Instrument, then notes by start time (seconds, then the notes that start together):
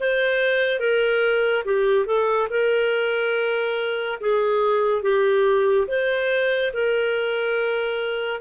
clarinet
0.00 C5
0.80 A#4
1.65 G4
2.06 A4
2.50 A#4
4.21 G#4
5.02 G4
5.88 C5
6.73 A#4